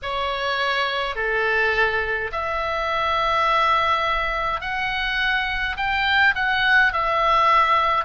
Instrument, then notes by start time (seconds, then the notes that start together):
oboe
0.02 C#5
1.15 A4
2.31 E5
4.60 F#5
5.76 G5
6.35 F#5
6.92 E5